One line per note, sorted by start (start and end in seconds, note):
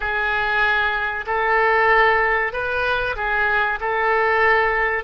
0.00 1.25 G#4
1.26 2.52 A4
2.52 3.16 B4
3.16 3.79 G#4
3.80 5.04 A4